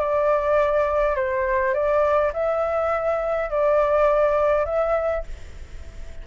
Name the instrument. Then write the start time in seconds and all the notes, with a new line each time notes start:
flute
0.00 D5
1.16 C5
1.74 D5
2.34 E5
3.50 D5
4.65 E5